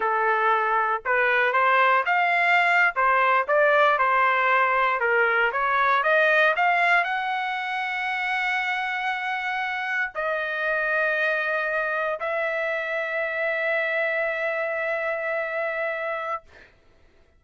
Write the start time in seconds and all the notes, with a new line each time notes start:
0.00 A4
1.05 B4
1.52 C5
2.05 F5
2.95 C5
3.47 D5
3.98 C5
5.00 A#4
5.52 C#5
6.03 D#5
6.56 F5
7.03 F#5
10.14 D#5
12.19 E5